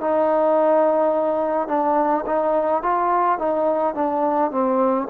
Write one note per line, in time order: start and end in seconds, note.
0.00 1.68 D#4
1.68 2.24 D4
2.26 2.83 D#4
2.83 3.39 F4
3.39 3.94 D#4
3.94 4.51 D4
4.51 5.07 C4